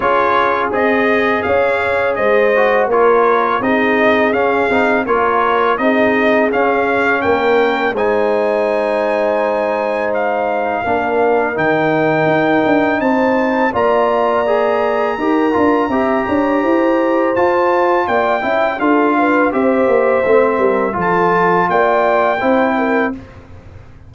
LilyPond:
<<
  \new Staff \with { instrumentName = "trumpet" } { \time 4/4 \tempo 4 = 83 cis''4 dis''4 f''4 dis''4 | cis''4 dis''4 f''4 cis''4 | dis''4 f''4 g''4 gis''4~ | gis''2 f''2 |
g''2 a''4 ais''4~ | ais''1 | a''4 g''4 f''4 e''4~ | e''4 a''4 g''2 | }
  \new Staff \with { instrumentName = "horn" } { \time 4/4 gis'2 cis''4 c''4 | ais'4 gis'2 ais'4 | gis'2 ais'4 c''4~ | c''2. ais'4~ |
ais'2 c''4 d''4~ | d''4 ais'4 e''8 cis''8 c''4~ | c''4 d''8 e''8 a'8 b'8 c''4~ | c''8 ais'8 a'4 d''4 c''8 ais'8 | }
  \new Staff \with { instrumentName = "trombone" } { \time 4/4 f'4 gis'2~ gis'8 fis'8 | f'4 dis'4 cis'8 dis'8 f'4 | dis'4 cis'2 dis'4~ | dis'2. d'4 |
dis'2. f'4 | gis'4 g'8 f'8 g'2 | f'4. e'8 f'4 g'4 | c'4 f'2 e'4 | }
  \new Staff \with { instrumentName = "tuba" } { \time 4/4 cis'4 c'4 cis'4 gis4 | ais4 c'4 cis'8 c'8 ais4 | c'4 cis'4 ais4 gis4~ | gis2. ais4 |
dis4 dis'8 d'8 c'4 ais4~ | ais4 dis'8 d'8 c'8 d'8 e'4 | f'4 ais8 cis'8 d'4 c'8 ais8 | a8 g8 f4 ais4 c'4 | }
>>